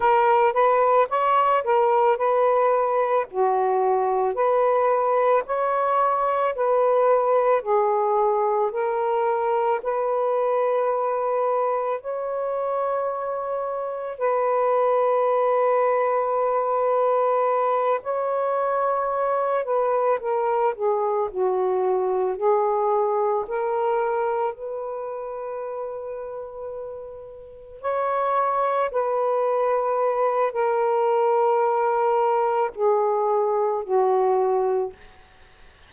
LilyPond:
\new Staff \with { instrumentName = "saxophone" } { \time 4/4 \tempo 4 = 55 ais'8 b'8 cis''8 ais'8 b'4 fis'4 | b'4 cis''4 b'4 gis'4 | ais'4 b'2 cis''4~ | cis''4 b'2.~ |
b'8 cis''4. b'8 ais'8 gis'8 fis'8~ | fis'8 gis'4 ais'4 b'4.~ | b'4. cis''4 b'4. | ais'2 gis'4 fis'4 | }